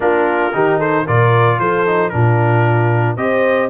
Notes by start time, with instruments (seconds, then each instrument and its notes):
0.00 tuba A#3, trombone D4, horn F4, trumpet A#4
0.53 tuba D#3, trombone D#4, horn G4
0.77 horn A4, trumpet C5
1.05 tuba A#2, trombone F4, horn A#4, trumpet D5
1.59 tuba F3, horn A4, trumpet C5
1.86 trombone D#4
2.09 tuba A#2, trombone D4, horn F4, trumpet A#4
3.16 tuba C4, trombone G4, horn C5, trumpet D#5